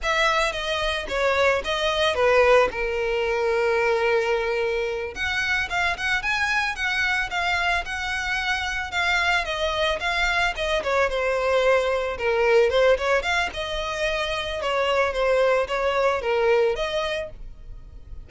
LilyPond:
\new Staff \with { instrumentName = "violin" } { \time 4/4 \tempo 4 = 111 e''4 dis''4 cis''4 dis''4 | b'4 ais'2.~ | ais'4. fis''4 f''8 fis''8 gis''8~ | gis''8 fis''4 f''4 fis''4.~ |
fis''8 f''4 dis''4 f''4 dis''8 | cis''8 c''2 ais'4 c''8 | cis''8 f''8 dis''2 cis''4 | c''4 cis''4 ais'4 dis''4 | }